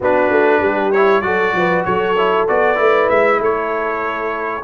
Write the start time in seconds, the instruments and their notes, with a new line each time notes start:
0.00 tuba B3, trombone D4, horn F#4, trumpet B4
0.30 tuba A3
0.61 tuba G3, horn G4
0.92 trombone E4, trumpet C#5
1.21 tuba F#3, trombone F#4, horn A4, trumpet D5
1.54 tuba F3, horn B4
1.84 tuba F#3, horn A4, trumpet C#5
2.17 trombone E4
2.47 tuba B3, trombone F#4, trumpet D5
2.75 tuba A3, trombone E4, horn B4
3.09 tuba G#3, trumpet E5
3.39 tuba A3, horn A4, trumpet C#5